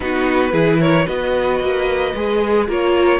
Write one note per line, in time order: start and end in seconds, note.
0.00 0.52 B3
0.00 0.51 D#4
0.00 0.51 F#4
0.00 0.80 B4
0.51 1.06 E3
0.51 1.06 E4
0.51 0.78 G#4
0.79 1.05 A#4
0.79 1.06 C#5
1.05 1.60 B3
1.05 2.14 F#4
1.05 2.66 B4
1.05 2.67 D#5
1.60 2.13 A#3
2.14 2.68 G#3
2.14 2.68 G#4
2.68 3.20 A#3
2.68 3.20 F4
2.68 3.20 A#4
2.68 3.20 C#5